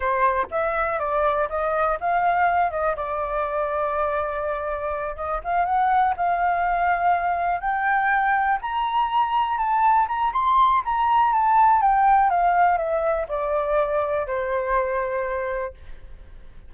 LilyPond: \new Staff \with { instrumentName = "flute" } { \time 4/4 \tempo 4 = 122 c''4 e''4 d''4 dis''4 | f''4. dis''8 d''2~ | d''2~ d''8 dis''8 f''8 fis''8~ | fis''8 f''2. g''8~ |
g''4. ais''2 a''8~ | a''8 ais''8 c'''4 ais''4 a''4 | g''4 f''4 e''4 d''4~ | d''4 c''2. | }